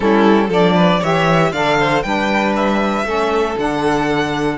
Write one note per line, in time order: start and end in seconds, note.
0.00 0.49 G3
0.00 0.49 C#4
0.00 0.48 E4
0.00 0.50 A4
0.48 0.99 F3
0.48 1.02 D4
0.48 0.73 A4
0.48 1.03 D5
0.75 1.00 B4
1.00 1.52 E3
1.00 1.53 G4
1.00 1.50 C#5
1.00 1.52 E5
1.52 2.03 D3
1.52 2.03 A4
1.52 1.77 D5
1.52 2.02 F5
1.79 2.03 C5
2.02 3.03 G3
2.02 3.05 D4
2.02 3.05 B4
2.02 2.53 G5
2.56 3.57 E5
3.03 3.54 A3
3.03 3.56 C#4
3.03 4.57 A4
3.56 4.57 D3
3.56 4.57 D4
3.56 4.57 F#5